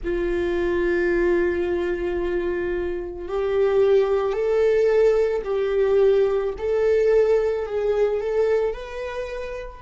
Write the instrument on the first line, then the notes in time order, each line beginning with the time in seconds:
viola
0.03 F4
3.28 G4
4.32 A4
5.44 G4
6.58 A4
7.66 G#4
8.20 A4
8.73 B4